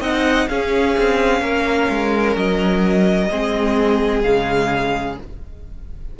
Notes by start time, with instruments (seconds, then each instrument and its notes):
0.00 cello C4, viola D#4, violin D#5 F#5
0.48 cello C#4, viola C#4, violin G#4 F5
0.98 cello C4
1.41 cello A#3, violin A#4
1.89 cello G#3
2.36 cello F#3, violin D#5
3.30 cello G#3, viola C4, violin G#4
4.22 cello C#3, viola G#3, violin F5